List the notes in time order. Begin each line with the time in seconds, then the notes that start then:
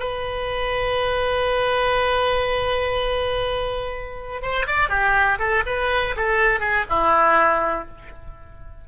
0.00 B4
4.42 C5
4.67 D5
4.90 G4
5.39 A4
5.67 B4
6.17 A4
6.61 G#4
6.90 E4